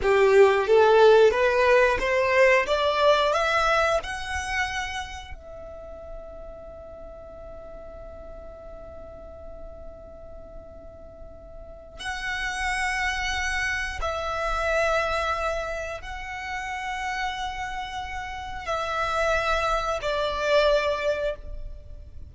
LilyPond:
\new Staff \with { instrumentName = "violin" } { \time 4/4 \tempo 4 = 90 g'4 a'4 b'4 c''4 | d''4 e''4 fis''2 | e''1~ | e''1~ |
e''2 fis''2~ | fis''4 e''2. | fis''1 | e''2 d''2 | }